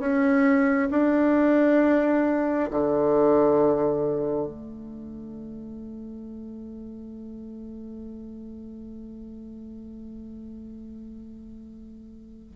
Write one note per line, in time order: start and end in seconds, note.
0.00 0.90 C#4
0.91 2.70 D4
2.72 4.47 D3
4.47 12.53 A3